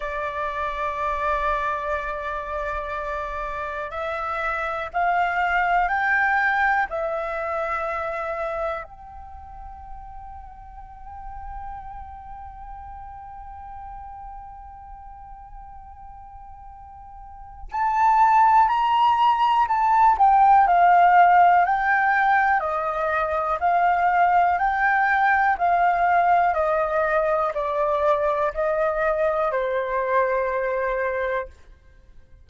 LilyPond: \new Staff \with { instrumentName = "flute" } { \time 4/4 \tempo 4 = 61 d''1 | e''4 f''4 g''4 e''4~ | e''4 g''2.~ | g''1~ |
g''2 a''4 ais''4 | a''8 g''8 f''4 g''4 dis''4 | f''4 g''4 f''4 dis''4 | d''4 dis''4 c''2 | }